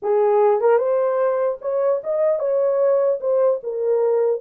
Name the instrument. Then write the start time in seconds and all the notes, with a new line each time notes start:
horn
0.02 G#4
0.60 A#4
0.78 C5
1.61 C#5
2.03 D#5
2.39 C#5
3.20 C5
3.63 A#4